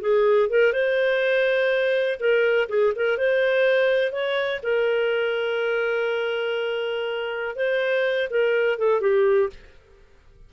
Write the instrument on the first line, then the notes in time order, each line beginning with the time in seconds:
clarinet
0.00 G#4
0.49 A#4
0.73 C5
2.20 A#4
2.69 G#4
2.95 A#4
3.18 C5
4.12 C#5
4.63 A#4
7.55 C5
8.30 A#4
8.78 A4
9.00 G4